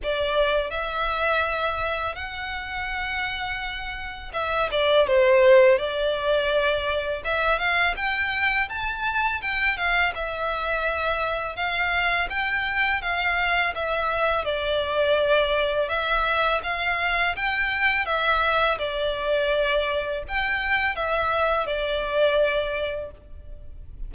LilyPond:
\new Staff \with { instrumentName = "violin" } { \time 4/4 \tempo 4 = 83 d''4 e''2 fis''4~ | fis''2 e''8 d''8 c''4 | d''2 e''8 f''8 g''4 | a''4 g''8 f''8 e''2 |
f''4 g''4 f''4 e''4 | d''2 e''4 f''4 | g''4 e''4 d''2 | g''4 e''4 d''2 | }